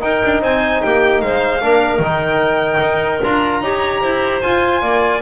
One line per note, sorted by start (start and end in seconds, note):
0.00 1.60 D#4
0.00 0.22 D#4
0.00 0.41 A#4
0.00 0.41 G5
0.25 0.42 D4
0.41 0.82 C4
0.41 0.81 C5
0.41 0.82 G#5
0.82 1.21 A#3
0.82 1.23 G4
0.82 1.21 G5
1.21 1.61 G#3
1.21 1.63 C5
1.21 2.01 F5
1.61 1.99 A#3
1.61 2.01 D4
1.61 3.62 A#4
1.99 2.79 D#3
1.99 3.22 D#4
2.05 3.24 G5
2.80 3.20 D#4
3.23 3.61 D4
3.23 3.63 F4
3.23 4.41 A#5
3.61 4.01 D#4
3.61 4.43 G4
3.61 4.01 C#5
4.01 4.42 E4
4.01 4.81 C5
4.41 5.22 F4
4.41 4.82 F4
4.41 5.21 G#5
4.82 5.22 A#3
4.82 5.22 D5